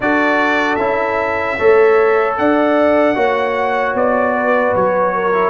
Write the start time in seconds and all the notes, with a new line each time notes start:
0.00 D4 F#4 A4 D5
0.75 C#4 E4 E5
1.57 A3 A4 C#5
2.38 D4 D5 F#5
3.14 A#3 F#4 C#5
3.94 B3 D5
4.36 B4
4.75 F#3 C#5
5.14 A#4
5.33 E4